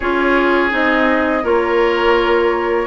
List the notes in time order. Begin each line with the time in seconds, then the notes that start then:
0.00 C#4 F4 G#4 C#5
0.70 C4 D#4 D#5
1.43 A#3 F4 A#4 C#5